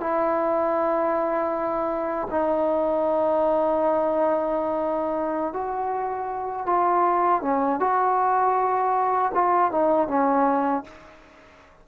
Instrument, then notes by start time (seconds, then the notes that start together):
trombone
0.00 E4
2.31 D#4
5.53 F#4
6.66 F4
7.42 C#4
7.80 F#4
9.34 F4
9.71 D#4
10.08 C#4